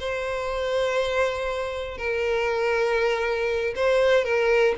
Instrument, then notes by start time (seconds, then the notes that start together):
violin
0.00 C5
1.98 A#4
3.76 C5
4.24 A#4